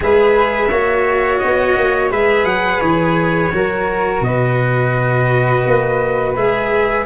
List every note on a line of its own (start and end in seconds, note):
0.00 0.71 G#3
0.00 0.68 G#4
0.00 0.70 B4
0.00 1.39 E5
0.70 1.41 A#3
0.70 2.10 F#4
0.70 2.11 C#5
1.39 1.77 B3
1.39 2.09 D#5
1.77 2.11 A#3
2.10 2.45 G#3
2.10 3.51 G#4
2.10 3.52 B4
2.10 2.45 E5
2.45 2.80 F#3
2.45 2.80 F#5
2.80 3.51 E3
2.80 4.21 C#5
3.53 4.20 F#3
3.53 6.35 F#4
3.53 4.25 A#4
4.20 5.62 B2
4.20 7.05 B4
4.20 6.35 D#5
5.66 6.36 A#3
6.35 7.05 G#3
6.35 7.05 G#4
6.35 7.05 E5